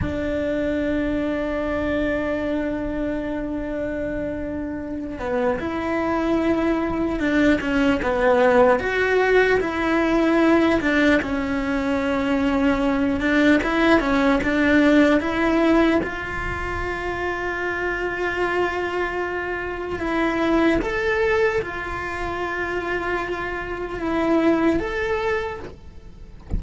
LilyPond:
\new Staff \with { instrumentName = "cello" } { \time 4/4 \tempo 4 = 75 d'1~ | d'2~ d'8 b8 e'4~ | e'4 d'8 cis'8 b4 fis'4 | e'4. d'8 cis'2~ |
cis'8 d'8 e'8 cis'8 d'4 e'4 | f'1~ | f'4 e'4 a'4 f'4~ | f'2 e'4 a'4 | }